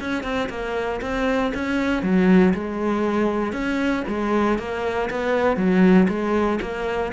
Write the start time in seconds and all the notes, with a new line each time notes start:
0.00 C#4
0.23 C4
0.49 A#3
1.01 C4
1.54 C#4
2.03 F#3
2.54 G#3
3.52 C#4
4.08 G#3
4.59 A#3
5.10 B3
5.57 F#3
6.09 G#3
6.61 A#3